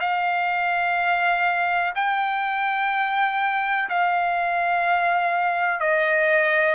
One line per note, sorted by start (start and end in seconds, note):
0.00 1.94 F5
1.95 3.89 G5
3.89 5.80 F5
5.80 6.75 D#5